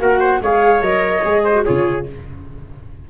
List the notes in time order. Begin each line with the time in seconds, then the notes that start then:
0.00 A#3 F#4 A#4 F#5
0.20 C5
0.42 G#3 G#4 C#5 F5
0.82 F#3 A#4 D#5
1.24 G#3 G#4
1.44 C5
1.55 F#4
1.64 C#3 F4 G#4 C#5